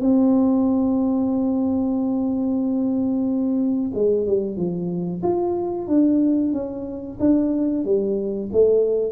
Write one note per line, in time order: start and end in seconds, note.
0.00 3.91 C4
3.94 4.26 G#3
4.26 4.56 G3
4.56 5.21 F3
5.22 5.87 F4
5.87 6.52 D4
6.52 7.17 C#4
7.19 7.84 D4
7.84 8.49 G3
8.52 9.11 A3